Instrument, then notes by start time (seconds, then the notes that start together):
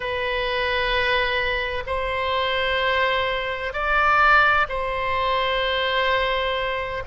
oboe
0.00 B4
1.86 C5
3.73 D5
4.68 C5